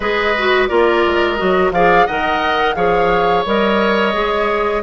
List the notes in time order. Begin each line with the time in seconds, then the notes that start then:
0.00 G#3 G#4 B4 D#5
0.38 F#4
0.67 A#3 F4 A#4 D5
1.05 G#3
1.36 F#3 F#4 D#5
1.71 F3 G#4 D5 F5
2.06 D#3 A#4 D#5 F#5
2.74 F3 G#4 C#5 F5
3.45 G3 A#4 D#5
4.13 G#3 G#4